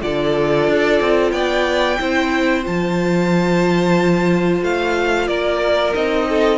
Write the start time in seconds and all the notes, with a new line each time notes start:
0.00 D3 F4 A4 D5
0.67 D4
1.00 C4
1.31 B3 D5 G5
1.99 C4 E4 C5
2.63 F3 F4 A5
4.62 A3 F5
5.27 A#3 A#4 D5
5.93 C4 D#4 D#5
6.29 A4